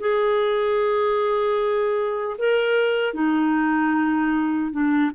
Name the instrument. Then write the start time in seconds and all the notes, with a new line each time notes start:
clarinet
0.00 G#4
2.38 A#4
3.14 D#4
4.72 D4